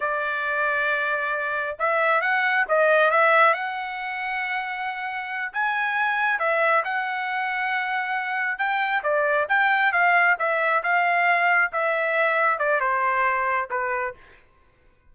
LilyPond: \new Staff \with { instrumentName = "trumpet" } { \time 4/4 \tempo 4 = 136 d''1 | e''4 fis''4 dis''4 e''4 | fis''1~ | fis''8 gis''2 e''4 fis''8~ |
fis''2.~ fis''8 g''8~ | g''8 d''4 g''4 f''4 e''8~ | e''8 f''2 e''4.~ | e''8 d''8 c''2 b'4 | }